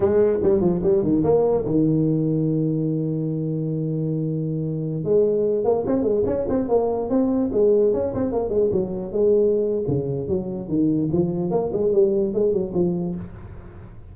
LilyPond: \new Staff \with { instrumentName = "tuba" } { \time 4/4 \tempo 4 = 146 gis4 g8 f8 g8 dis8 ais4 | dis1~ | dis1~ | dis16 gis4. ais8 c'8 gis8 cis'8 c'16~ |
c'16 ais4 c'4 gis4 cis'8 c'16~ | c'16 ais8 gis8 fis4 gis4.~ gis16 | cis4 fis4 dis4 f4 | ais8 gis8 g4 gis8 fis8 f4 | }